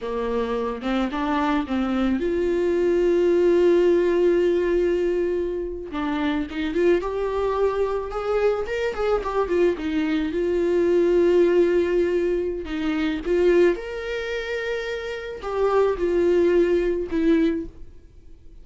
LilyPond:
\new Staff \with { instrumentName = "viola" } { \time 4/4 \tempo 4 = 109 ais4. c'8 d'4 c'4 | f'1~ | f'2~ f'8. d'4 dis'16~ | dis'16 f'8 g'2 gis'4 ais'16~ |
ais'16 gis'8 g'8 f'8 dis'4 f'4~ f'16~ | f'2. dis'4 | f'4 ais'2. | g'4 f'2 e'4 | }